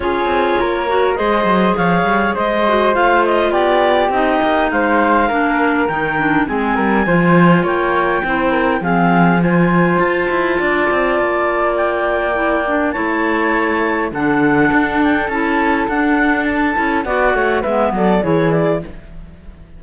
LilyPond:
<<
  \new Staff \with { instrumentName = "clarinet" } { \time 4/4 \tempo 4 = 102 cis''2 dis''4 f''4 | dis''4 f''8 dis''8 d''4 dis''4 | f''2 g''4 gis''4~ | gis''4 g''2 f''4 |
gis''4 a''2. | g''2 a''2 | fis''4. g''8 a''4 fis''4 | a''4 fis''4 e''8 d''8 cis''8 d''8 | }
  \new Staff \with { instrumentName = "flute" } { \time 4/4 gis'4 ais'4 c''4 cis''4 | c''2 g'2 | c''4 ais'2 gis'8 ais'8 | c''4 cis''4 c''8 ais'8 gis'4 |
c''2 d''2~ | d''2 cis''2 | a'1~ | a'4 d''8 cis''8 b'8 a'8 gis'4 | }
  \new Staff \with { instrumentName = "clarinet" } { \time 4/4 f'4. fis'8 gis'2~ | gis'8 fis'8 f'2 dis'4~ | dis'4 d'4 dis'8 d'8 c'4 | f'2 e'4 c'4 |
f'1~ | f'4 e'8 d'8 e'2 | d'2 e'4 d'4~ | d'8 e'8 fis'4 b4 e'4 | }
  \new Staff \with { instrumentName = "cello" } { \time 4/4 cis'8 c'8 ais4 gis8 fis8 f8 g8 | gis4 a4 b4 c'8 ais8 | gis4 ais4 dis4 gis8 g8 | f4 ais4 c'4 f4~ |
f4 f'8 e'8 d'8 c'8 ais4~ | ais2 a2 | d4 d'4 cis'4 d'4~ | d'8 cis'8 b8 a8 gis8 fis8 e4 | }
>>